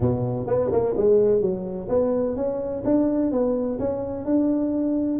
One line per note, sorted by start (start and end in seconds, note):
0.00 0.47 B2
0.47 0.70 B3
0.71 0.95 A#3
0.96 1.41 G#3
1.41 1.88 F#3
1.88 2.35 B3
2.35 2.83 C#4
2.84 3.31 D4
3.31 3.79 B3
3.79 4.25 C#4
4.25 5.19 D4